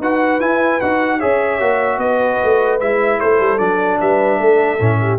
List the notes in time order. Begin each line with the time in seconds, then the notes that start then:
0.00 D#4 F#4 B4 F#5
0.40 E4 G#5
0.81 D#4 F#4 F#5
1.19 C#4 G#4 C#5 E5
1.60 A#3 F#4
1.98 B3 B4 D#5
2.43 A3
2.80 G#3 E4 E5
3.19 A3 A4 C5
3.40 G3
3.59 F#3 D4 D5
4.00 G3 B4 E5
4.39 A3 A4
4.79 A2 C#4
5.02 G4